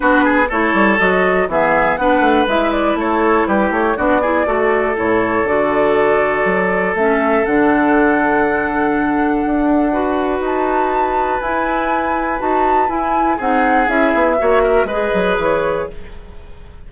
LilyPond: <<
  \new Staff \with { instrumentName = "flute" } { \time 4/4 \tempo 4 = 121 b'4 cis''4 dis''4 e''4 | fis''4 e''8 d''8 cis''4 b'8 cis''8 | d''2 cis''4 d''4~ | d''2 e''4 fis''4~ |
fis''1~ | fis''4 a''2 gis''4~ | gis''4 a''4 gis''4 fis''4 | e''2 dis''4 cis''4 | }
  \new Staff \with { instrumentName = "oboe" } { \time 4/4 fis'8 gis'8 a'2 gis'4 | b'2 a'4 g'4 | fis'8 gis'8 a'2.~ | a'1~ |
a'1 | b'1~ | b'2. gis'4~ | gis'4 cis''8 ais'8 b'2 | }
  \new Staff \with { instrumentName = "clarinet" } { \time 4/4 d'4 e'4 fis'4 b4 | d'4 e'2. | d'8 e'8 fis'4 e'4 fis'4~ | fis'2 cis'4 d'4~ |
d'1 | fis'2. e'4~ | e'4 fis'4 e'4 dis'4 | e'4 fis'4 gis'2 | }
  \new Staff \with { instrumentName = "bassoon" } { \time 4/4 b4 a8 g8 fis4 e4 | b8 a8 gis4 a4 g8 a8 | b4 a4 a,4 d4~ | d4 fis4 a4 d4~ |
d2. d'4~ | d'4 dis'2 e'4~ | e'4 dis'4 e'4 c'4 | cis'8 b8 ais4 gis8 fis8 e4 | }
>>